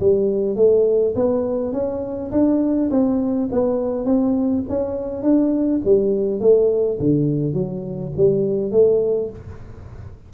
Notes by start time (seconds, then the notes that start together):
0.00 G3
0.56 A3
1.15 B3
1.73 C#4
2.32 D4
2.91 C4
3.52 B3
4.05 C4
4.69 C#4
5.23 D4
5.85 G3
6.41 A3
7.00 D3
7.54 F#3
8.17 G3
8.72 A3